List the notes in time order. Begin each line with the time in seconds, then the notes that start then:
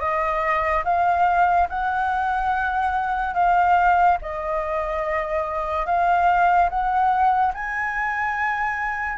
0.00 D#5
0.84 F5
1.69 F#5
3.34 F5
4.22 D#5
5.86 F5
6.70 F#5
7.54 G#5